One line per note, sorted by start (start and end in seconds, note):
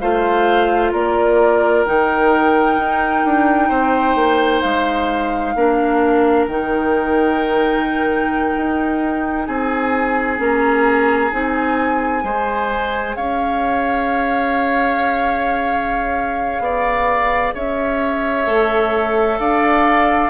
0.00 0.93 A3
0.00 1.86 F4
0.00 0.92 C5
0.00 0.92 F5
0.92 1.85 A#3
0.92 3.69 A#4
0.92 1.85 D5
1.85 2.77 D#3
1.85 5.55 D#4
1.85 4.62 G5
2.77 3.24 D#4
3.25 3.69 D4
3.69 4.15 C4
3.69 5.53 C5
4.15 4.61 A#3
4.62 5.55 G#3
4.62 6.46 F5
5.55 6.47 A#3
5.55 6.49 D4
5.55 9.47 A#4
6.47 8.54 D#3
6.47 10.38 D#4
6.47 9.46 G5
8.57 9.48 D#4
9.46 10.39 C4
9.46 12.24 G#4
9.46 10.38 G#5
10.38 11.32 A#3
10.38 11.30 C#4
10.38 11.32 A#5
11.32 12.23 C4
11.32 12.23 D#4
11.32 13.16 G#5
12.23 13.16 G#3
12.23 18.46 G#4
12.23 13.17 C5
13.16 16.60 C#4
13.16 16.63 C#5
13.16 17.54 F5
16.60 17.52 B3
16.60 17.54 D5
17.54 18.47 C#4
17.54 19.39 C#5
17.54 19.39 E5
18.46 19.39 A3
18.46 20.30 A4
19.39 20.30 D4
19.39 20.30 D5
19.39 20.30 F5